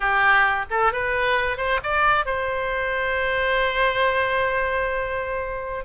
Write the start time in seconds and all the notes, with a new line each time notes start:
0.00 G4
0.70 A4
0.92 B4
1.57 C5
1.83 D5
2.25 C5